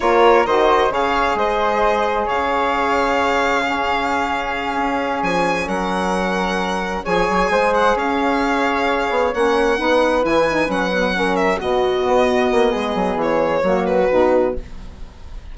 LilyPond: <<
  \new Staff \with { instrumentName = "violin" } { \time 4/4 \tempo 4 = 132 cis''4 dis''4 f''4 dis''4~ | dis''4 f''2.~ | f''2.~ f''8 gis''8~ | gis''8 fis''2. gis''8~ |
gis''4 fis''8 f''2~ f''8~ | f''8 fis''2 gis''4 fis''8~ | fis''4 e''8 dis''2~ dis''8~ | dis''4 cis''4. b'4. | }
  \new Staff \with { instrumentName = "flute" } { \time 4/4 ais'4 c''4 cis''4 c''4~ | c''4 cis''2. | gis'1~ | gis'8 ais'2. cis''8~ |
cis''8 c''4 cis''2~ cis''8~ | cis''4. b'2~ b'8~ | b'8 ais'4 fis'2~ fis'8 | gis'2 fis'2 | }
  \new Staff \with { instrumentName = "saxophone" } { \time 4/4 f'4 fis'4 gis'2~ | gis'1 | cis'1~ | cis'2.~ cis'8 gis'8~ |
gis'1~ | gis'8 cis'4 dis'4 e'8 dis'8 cis'8 | b8 cis'4 b2~ b8~ | b2 ais4 dis'4 | }
  \new Staff \with { instrumentName = "bassoon" } { \time 4/4 ais4 dis4 cis4 gis4~ | gis4 cis2.~ | cis2~ cis8 cis'4 f8~ | f8 fis2. f8 |
fis8 gis4 cis'2~ cis'8 | b8 ais4 b4 e4 fis8~ | fis4. b,4 b4 ais8 | gis8 fis8 e4 fis4 b,4 | }
>>